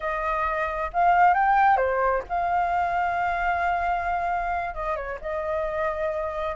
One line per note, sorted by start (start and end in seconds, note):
0.00 0.90 D#5
0.93 1.33 F5
1.33 1.76 G5
1.76 2.21 C5
2.28 4.74 F5
4.74 4.96 D#5
4.96 5.18 C#5
5.21 6.56 D#5